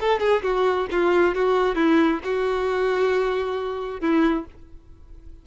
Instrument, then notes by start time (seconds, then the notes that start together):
violin
0.00 A4
0.20 G#4
0.43 F#4
0.91 F4
1.35 F#4
1.75 E4
2.24 F#4
4.00 E4